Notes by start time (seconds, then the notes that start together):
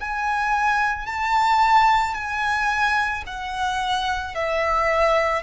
0.00 G#5
1.06 A5
2.14 G#5
3.26 F#5
4.34 E5